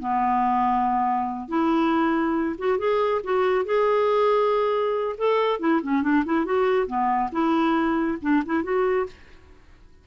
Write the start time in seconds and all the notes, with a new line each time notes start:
0.00 B3
1.48 E4
2.58 F#4
2.79 G#4
3.24 F#4
3.65 G#4
5.18 A4
5.60 E4
5.83 C#4
6.03 D4
6.26 E4
6.45 F#4
6.87 B3
7.32 E4
8.22 D4
8.46 E4
8.63 F#4